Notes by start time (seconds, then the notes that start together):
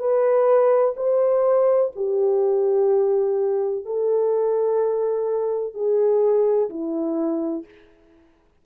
0.00 B4
0.97 C5
1.96 G4
3.86 A4
5.74 G#4
6.70 E4